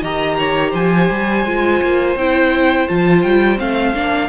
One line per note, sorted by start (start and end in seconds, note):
0.00 0.73 D#3
0.00 1.45 G4
0.00 0.36 D#5
0.00 0.75 A#5
0.39 0.71 C#5
0.71 1.09 F3
0.71 4.28 C5
0.71 2.17 G#5
1.10 1.45 G3
1.45 1.81 G#3
1.45 2.18 F4
1.82 2.16 A#3
2.16 2.87 C4
2.16 2.88 E4
2.16 2.88 G5
2.88 3.24 F3
2.88 3.57 F4
2.88 3.22 A5
3.22 3.60 G3
3.22 3.58 G5
3.57 3.95 A3
3.57 3.93 C4
3.57 4.29 F5
3.94 4.29 A#3
3.94 4.29 D4